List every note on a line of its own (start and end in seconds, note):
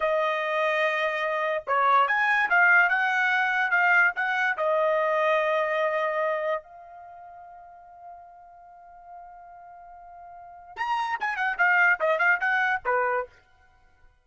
0.00 1.63 D#5
1.66 2.07 C#5
2.07 2.49 G#5
2.49 2.89 F5
2.89 3.70 F#5
3.70 4.12 F5
4.15 4.56 F#5
4.57 6.62 D#5
6.62 10.76 F5
10.76 11.17 A#5
11.20 11.36 G#5
11.36 11.57 F#5
11.58 11.99 F5
11.99 12.18 D#5
12.18 12.39 F5
12.40 12.81 F#5
12.85 13.26 B4